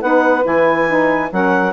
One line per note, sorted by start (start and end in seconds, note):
0.00 0.44 B3
0.00 0.42 D#4
0.00 1.29 B4
0.00 0.44 F#5
0.42 1.31 E3
0.42 0.85 E4
0.42 1.31 G#5
0.86 1.29 D#4
1.30 1.73 F#3
1.30 1.73 C#4
1.30 1.73 A#4
1.30 1.73 F#5